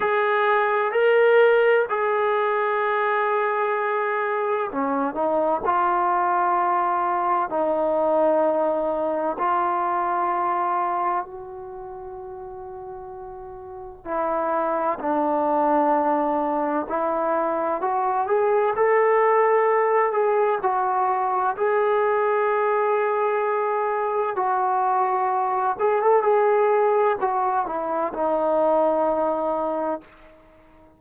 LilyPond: \new Staff \with { instrumentName = "trombone" } { \time 4/4 \tempo 4 = 64 gis'4 ais'4 gis'2~ | gis'4 cis'8 dis'8 f'2 | dis'2 f'2 | fis'2. e'4 |
d'2 e'4 fis'8 gis'8 | a'4. gis'8 fis'4 gis'4~ | gis'2 fis'4. gis'16 a'16 | gis'4 fis'8 e'8 dis'2 | }